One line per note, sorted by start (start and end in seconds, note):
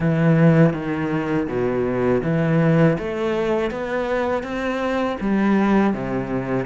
0.00 0.73 E3
0.73 1.47 D#3
1.47 2.22 B2
2.23 2.97 E3
2.98 3.70 A3
3.70 4.43 B3
4.43 5.17 C4
5.20 5.93 G3
5.93 6.66 C3